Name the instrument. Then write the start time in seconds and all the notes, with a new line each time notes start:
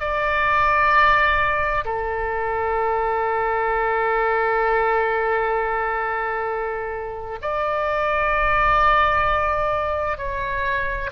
oboe
0.00 D5
1.85 A4
7.42 D5
10.18 C#5